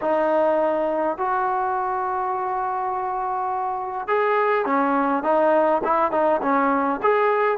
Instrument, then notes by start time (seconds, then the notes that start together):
trombone
0.01 D#4
1.17 F#4
4.07 G#4
4.65 C#4
5.23 D#4
5.84 E4
6.11 D#4
6.42 C#4
7.02 G#4